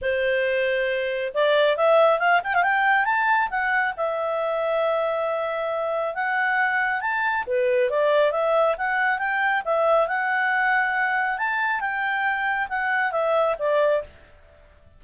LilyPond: \new Staff \with { instrumentName = "clarinet" } { \time 4/4 \tempo 4 = 137 c''2. d''4 | e''4 f''8 g''16 f''16 g''4 a''4 | fis''4 e''2.~ | e''2 fis''2 |
a''4 b'4 d''4 e''4 | fis''4 g''4 e''4 fis''4~ | fis''2 a''4 g''4~ | g''4 fis''4 e''4 d''4 | }